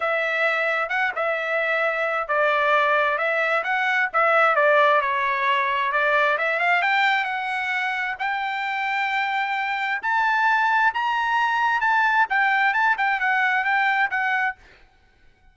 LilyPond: \new Staff \with { instrumentName = "trumpet" } { \time 4/4 \tempo 4 = 132 e''2 fis''8 e''4.~ | e''4 d''2 e''4 | fis''4 e''4 d''4 cis''4~ | cis''4 d''4 e''8 f''8 g''4 |
fis''2 g''2~ | g''2 a''2 | ais''2 a''4 g''4 | a''8 g''8 fis''4 g''4 fis''4 | }